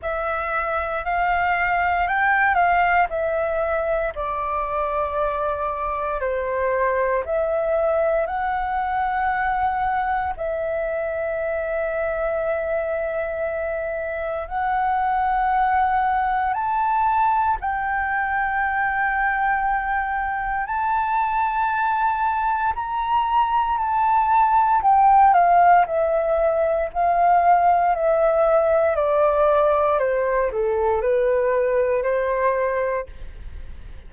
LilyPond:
\new Staff \with { instrumentName = "flute" } { \time 4/4 \tempo 4 = 58 e''4 f''4 g''8 f''8 e''4 | d''2 c''4 e''4 | fis''2 e''2~ | e''2 fis''2 |
a''4 g''2. | a''2 ais''4 a''4 | g''8 f''8 e''4 f''4 e''4 | d''4 c''8 a'8 b'4 c''4 | }